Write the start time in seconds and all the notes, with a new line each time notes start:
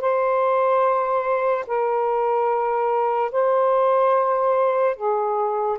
0.00 C5
1.66 A#4
3.31 C5
4.95 G#4